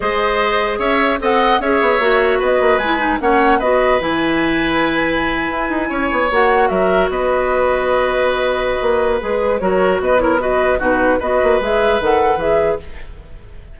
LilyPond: <<
  \new Staff \with { instrumentName = "flute" } { \time 4/4 \tempo 4 = 150 dis''2 e''4 fis''4 | e''2 dis''4 gis''4 | fis''4 dis''4 gis''2~ | gis''2.~ gis''8. fis''16~ |
fis''8. e''4 dis''2~ dis''16~ | dis''2. b'4 | cis''4 dis''8 cis''8 dis''4 b'4 | dis''4 e''4 fis''4 e''4 | }
  \new Staff \with { instrumentName = "oboe" } { \time 4/4 c''2 cis''4 dis''4 | cis''2 b'2 | cis''4 b'2.~ | b'2~ b'8. cis''4~ cis''16~ |
cis''8. ais'4 b'2~ b'16~ | b'1 | ais'4 b'8 ais'8 b'4 fis'4 | b'1 | }
  \new Staff \with { instrumentName = "clarinet" } { \time 4/4 gis'2. a'4 | gis'4 fis'2 e'8 dis'8 | cis'4 fis'4 e'2~ | e'2.~ e'8. fis'16~ |
fis'1~ | fis'2. gis'4 | fis'4. e'8 fis'4 dis'4 | fis'4 gis'4 a'4 gis'4 | }
  \new Staff \with { instrumentName = "bassoon" } { \time 4/4 gis2 cis'4 c'4 | cis'8 b8 ais4 b8 ais8 gis4 | ais4 b4 e2~ | e4.~ e16 e'8 dis'8 cis'8 b8 ais16~ |
ais8. fis4 b2~ b16~ | b2 ais4 gis4 | fis4 b2 b,4 | b8 ais8 gis4 dis4 e4 | }
>>